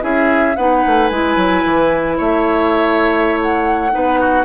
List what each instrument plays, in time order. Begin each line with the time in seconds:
0.00 bassoon C#4, clarinet E4, oboe G#4, flute E5
0.55 bassoon B3, clarinet D#4, oboe B4, flute F#5
0.86 bassoon A3
1.07 bassoon G#3, clarinet E4, flute G#5
1.36 bassoon F#3
1.65 bassoon E3
2.17 bassoon A3, oboe C#5, flute E5
3.41 flute F#5
3.90 bassoon B3, clarinet D#4, oboe B4
4.20 oboe F#4